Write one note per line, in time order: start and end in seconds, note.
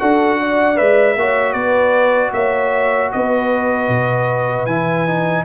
0.00 0.80 D4
0.00 0.76 F#4
0.00 0.40 A4
0.00 0.77 F#5
0.40 1.18 D5
0.76 1.16 G#3
0.76 1.15 B4
0.76 1.53 E5
1.16 1.54 A#3
1.16 4.69 F#4
1.16 1.54 C#5
1.53 2.32 B3
1.53 2.31 B4
1.53 2.31 D5
2.33 3.11 A#3
2.33 3.12 C#5
2.33 3.11 E5
3.12 3.88 B3
3.12 5.45 B4
3.12 4.66 D#5
3.88 4.66 B2
4.66 5.44 E3
4.66 5.07 E4
4.66 5.44 G#5
5.07 5.45 D#4